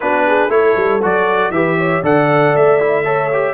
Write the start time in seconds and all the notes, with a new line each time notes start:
0.00 B3 D4 F#4 B4
0.26 G#4
0.48 A3 E4 A4 C#5
0.76 G3
1.02 F#3 F#4 D5
1.50 E3 G4 B4 E5
1.78 C#5
2.02 D3 A4 D5 F#5
2.55 A3 E5
2.80 E4
3.04 A4 C#5
3.33 G4